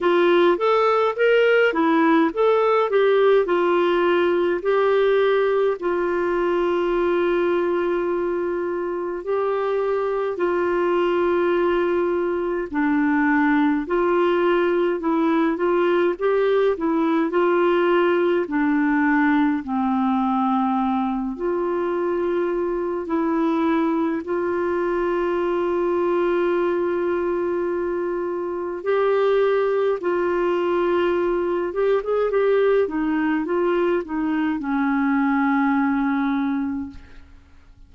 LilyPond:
\new Staff \with { instrumentName = "clarinet" } { \time 4/4 \tempo 4 = 52 f'8 a'8 ais'8 e'8 a'8 g'8 f'4 | g'4 f'2. | g'4 f'2 d'4 | f'4 e'8 f'8 g'8 e'8 f'4 |
d'4 c'4. f'4. | e'4 f'2.~ | f'4 g'4 f'4. g'16 gis'16 | g'8 dis'8 f'8 dis'8 cis'2 | }